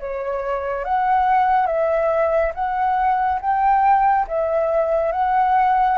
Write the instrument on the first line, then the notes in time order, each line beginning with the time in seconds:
flute
0.00 C#5
0.85 F#5
1.67 E5
2.55 F#5
3.41 G5
4.28 E5
5.12 F#5